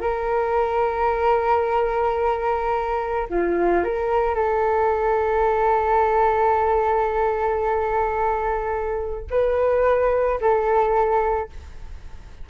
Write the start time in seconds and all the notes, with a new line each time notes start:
0.00 A#4
3.29 F4
3.84 A#4
4.34 A4
9.30 B4
10.40 A4